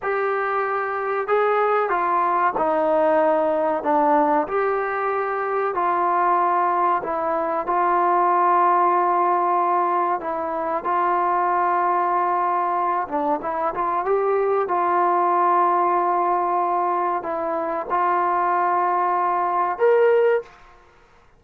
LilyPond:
\new Staff \with { instrumentName = "trombone" } { \time 4/4 \tempo 4 = 94 g'2 gis'4 f'4 | dis'2 d'4 g'4~ | g'4 f'2 e'4 | f'1 |
e'4 f'2.~ | f'8 d'8 e'8 f'8 g'4 f'4~ | f'2. e'4 | f'2. ais'4 | }